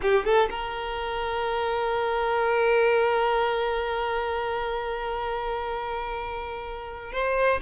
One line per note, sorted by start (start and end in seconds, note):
0.02 0.25 G4
0.25 0.49 A4
0.50 7.12 A#4
7.12 7.61 C5